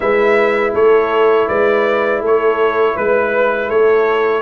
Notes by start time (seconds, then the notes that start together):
0.00 G#3 E4 B4 E5
0.74 A3 A4 C#5
1.48 G#3 B4 D5
2.20 A3 A4 C#5
2.95 G#3 B4
3.67 A3 A4 C#5